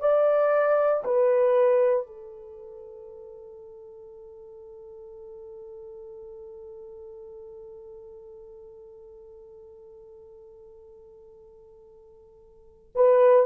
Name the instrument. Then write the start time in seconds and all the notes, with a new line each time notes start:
horn
0.00 D5
1.05 B4
2.07 A4
12.95 B4